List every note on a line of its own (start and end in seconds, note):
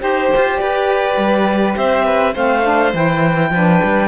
0.00 0.31 D#4
0.00 2.33 G4
0.00 0.58 C5
0.00 0.61 C5
0.36 0.62 F4
0.58 1.17 G4
0.58 1.76 B4
0.58 1.74 D5
1.17 1.76 G3
1.76 2.36 C4
1.76 2.05 C5
1.76 2.36 E5
2.05 2.34 B4
2.34 2.94 A3
2.34 2.64 C4
2.34 3.50 C5
2.34 2.94 F5
2.64 2.93 D4
2.94 3.51 E3
2.94 3.53 E4
2.94 4.09 G5
3.51 3.80 F3
3.51 4.09 D4
3.51 4.09 B4
3.84 4.09 G3